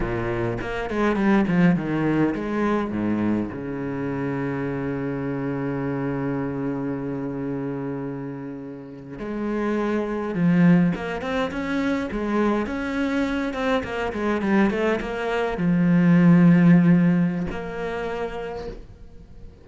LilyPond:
\new Staff \with { instrumentName = "cello" } { \time 4/4 \tempo 4 = 103 ais,4 ais8 gis8 g8 f8 dis4 | gis4 gis,4 cis2~ | cis1~ | cis2.~ cis8. gis16~ |
gis4.~ gis16 f4 ais8 c'8 cis'16~ | cis'8. gis4 cis'4. c'8 ais16~ | ais16 gis8 g8 a8 ais4 f4~ f16~ | f2 ais2 | }